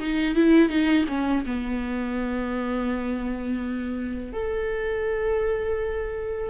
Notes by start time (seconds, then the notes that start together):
0.00 D#4
0.35 E4
0.69 D#4
1.09 C#4
1.46 B3
4.33 A4